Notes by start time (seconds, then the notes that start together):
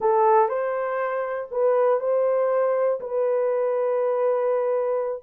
0.00 A4
0.48 C5
1.51 B4
2.00 C5
3.00 B4